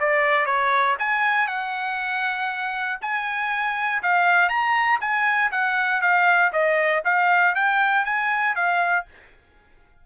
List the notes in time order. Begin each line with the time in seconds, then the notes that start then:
0.00 D5
0.46 C#5
0.99 G#5
1.48 F#5
3.02 G#5
4.03 F5
4.49 A#5
5.01 G#5
5.51 F#5
6.02 F5
6.53 D#5
7.05 F5
7.55 G5
8.05 G#5
8.56 F5